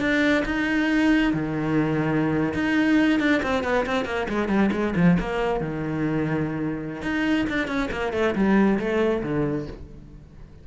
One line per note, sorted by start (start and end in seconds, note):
0.00 0.44 D4
0.45 1.33 D#4
1.33 2.54 D#3
2.54 3.20 D#4
3.20 3.42 D4
3.43 3.64 C4
3.64 3.86 B3
3.86 4.05 C4
4.05 4.27 A#3
4.29 4.48 G#3
4.48 4.70 G3
4.72 4.94 G#3
4.96 5.18 F3
5.20 5.60 A#3
5.60 7.02 D#3
7.02 7.46 D#4
7.49 7.67 D4
7.67 7.89 C#4
7.91 8.13 A#3
8.13 8.35 A3
8.35 8.79 G3
8.79 9.23 A3
9.23 9.67 D3